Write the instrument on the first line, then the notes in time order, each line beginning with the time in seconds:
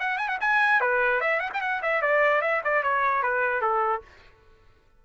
trumpet
0.00 F#5
0.18 G#5
0.28 F#5
0.41 G#5
0.81 B4
1.21 E5
1.40 F#5
1.54 G5
1.61 F#5
1.82 E5
2.02 D5
2.42 E5
2.64 D5
2.83 C#5
3.23 B4
3.62 A4